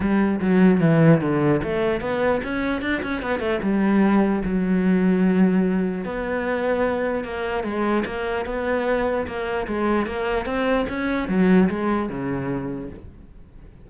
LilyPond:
\new Staff \with { instrumentName = "cello" } { \time 4/4 \tempo 4 = 149 g4 fis4 e4 d4 | a4 b4 cis'4 d'8 cis'8 | b8 a8 g2 fis4~ | fis2. b4~ |
b2 ais4 gis4 | ais4 b2 ais4 | gis4 ais4 c'4 cis'4 | fis4 gis4 cis2 | }